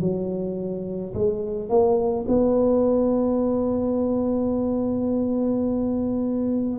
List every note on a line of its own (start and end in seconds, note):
0.00 1.13 F#3
1.13 1.69 G#3
1.69 2.25 A#3
2.27 6.79 B3